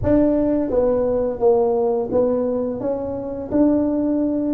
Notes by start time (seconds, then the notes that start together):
0.03 D4
0.70 B3
1.39 A#3
2.11 B3
2.80 C#4
3.51 D4